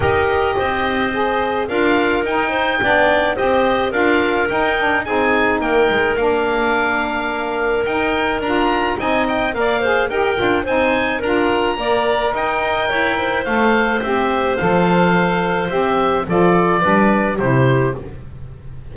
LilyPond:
<<
  \new Staff \with { instrumentName = "oboe" } { \time 4/4 \tempo 4 = 107 dis''2. f''4 | g''2 dis''4 f''4 | g''4 gis''4 g''4 f''4~ | f''2 g''4 ais''4 |
gis''8 g''8 f''4 g''4 gis''4 | ais''2 g''2 | f''4 e''4 f''2 | e''4 d''2 c''4 | }
  \new Staff \with { instrumentName = "clarinet" } { \time 4/4 ais'4 c''2 ais'4~ | ais'8 c''8 d''4 c''4 ais'4~ | ais'4 gis'4 ais'2~ | ais'1 |
dis''4 d''8 c''8 ais'4 c''4 | ais'4 d''4 dis''4 cis''8 c''8~ | c''1~ | c''4 a'4 b'4 g'4 | }
  \new Staff \with { instrumentName = "saxophone" } { \time 4/4 g'2 gis'4 f'4 | dis'4 d'4 g'4 f'4 | dis'8 d'8 dis'2 d'4~ | d'2 dis'4 f'4 |
dis'4 ais'8 gis'8 g'8 f'8 dis'4 | f'4 ais'2. | a'4 g'4 a'2 | g'4 f'4 d'4 e'4 | }
  \new Staff \with { instrumentName = "double bass" } { \time 4/4 dis'4 c'2 d'4 | dis'4 b4 c'4 d'4 | dis'4 c'4 ais8 gis8 ais4~ | ais2 dis'4 d'4 |
c'4 ais4 dis'8 d'8 c'4 | d'4 ais4 dis'4 e'4 | a4 c'4 f2 | c'4 f4 g4 c4 | }
>>